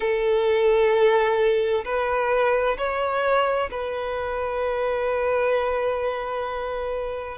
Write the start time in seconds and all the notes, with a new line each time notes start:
0.00 A4
1.85 B4
2.77 C#5
3.70 B4